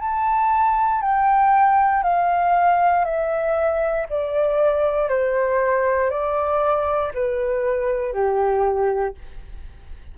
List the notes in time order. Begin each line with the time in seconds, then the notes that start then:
0.00 A5
1.01 G5
2.03 F5
3.05 E5
4.10 D5
5.09 C5
6.10 D5
7.14 B4
8.13 G4